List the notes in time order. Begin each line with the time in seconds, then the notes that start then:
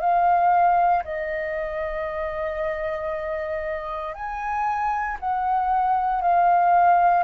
0.00 F5
1.04 D#5
4.14 G#5
5.20 F#5
6.22 F5